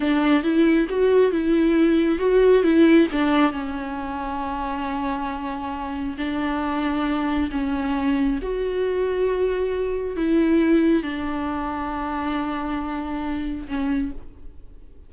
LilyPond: \new Staff \with { instrumentName = "viola" } { \time 4/4 \tempo 4 = 136 d'4 e'4 fis'4 e'4~ | e'4 fis'4 e'4 d'4 | cis'1~ | cis'2 d'2~ |
d'4 cis'2 fis'4~ | fis'2. e'4~ | e'4 d'2.~ | d'2. cis'4 | }